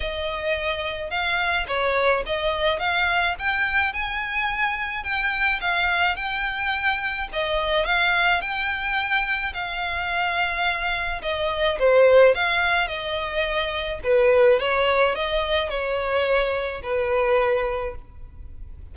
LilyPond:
\new Staff \with { instrumentName = "violin" } { \time 4/4 \tempo 4 = 107 dis''2 f''4 cis''4 | dis''4 f''4 g''4 gis''4~ | gis''4 g''4 f''4 g''4~ | g''4 dis''4 f''4 g''4~ |
g''4 f''2. | dis''4 c''4 f''4 dis''4~ | dis''4 b'4 cis''4 dis''4 | cis''2 b'2 | }